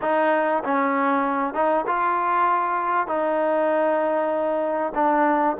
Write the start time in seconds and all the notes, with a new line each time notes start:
0.01 D#4
0.64 C#4
1.54 D#4
1.86 F4
3.07 D#4
4.95 D4